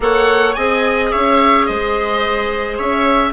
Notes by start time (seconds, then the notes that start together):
0.00 A#3 A4 C#5 F#5
0.54 C4 G#4 D#5 G#5
1.11 C#4 C#5 E5
1.66 G#3 C5 D#5
2.78 C#4 C#5 E5